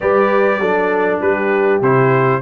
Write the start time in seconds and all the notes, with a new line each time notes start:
0.00 G3 G4 B4 D5
0.59 F#3 D4 A4
1.20 G3 G4 B4
1.81 C3 E4 C5